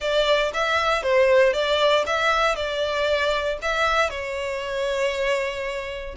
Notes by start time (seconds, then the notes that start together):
0.00 D5
0.53 E5
1.02 C5
1.53 D5
2.06 E5
2.55 D5
3.62 E5
4.10 C#5